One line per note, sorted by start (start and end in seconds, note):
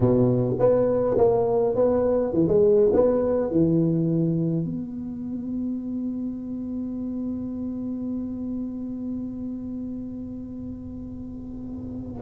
0.00 0.56 B2
0.59 1.17 B3
1.17 1.75 A#3
1.75 2.33 B3
2.33 2.47 E3
2.48 2.91 G#3
2.93 3.51 B3
3.51 4.64 E3
4.64 12.22 B3